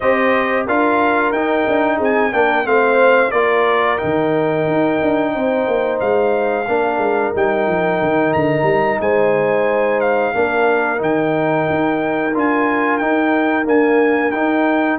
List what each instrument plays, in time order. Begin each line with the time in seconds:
0.00 tuba C4, trombone G4, horn C5, trumpet D#5
0.66 tuba D4, trombone F4, horn A#4, trumpet F5
1.32 tuba D#4, trombone D#4, trumpet G5
1.67 tuba D4
1.97 tuba C4, horn G#4
2.03 trumpet G#5
2.32 tuba A#3, trombone D4, horn A#4, trumpet G5
2.64 tuba A3, trombone C4, horn C5, trumpet F5
3.31 tuba A#3, trombone F4, horn A#4, trumpet D5
3.98 tuba D#3, trombone D#4, trumpet G5
4.67 tuba D#4
5.02 tuba D4
5.34 tuba C4, horn C5
5.67 tuba A#3
5.99 tuba G#3, trumpet F5
6.68 tuba A#3, trombone D4, horn A#4
6.98 tuba G#3
7.34 tuba G3, trombone D#4, trumpet G5
7.67 tuba F3
8.01 tuba D#3
8.33 tuba D3, trumpet A#5
8.62 tuba G3
9.00 tuba G#3, horn C5, trumpet G#5
10.00 trumpet F5
10.34 tuba A#3, trombone D4, horn A#4
10.97 tuba D#3, trombone D#4, trumpet G5
11.69 tuba D#4
12.34 tuba D4, trombone F4, trumpet G#5
12.97 trombone D#4, tuba D#4, trumpet G5
13.64 trombone A#3, tuba D4, trumpet G#5
14.31 tuba D#4, trombone D#4, trumpet G5